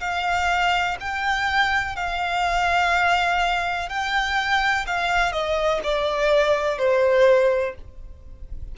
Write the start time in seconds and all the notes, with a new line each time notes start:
0.00 F5
1.00 G5
1.95 F5
3.89 G5
4.86 F5
5.32 D#5
5.83 D5
6.78 C5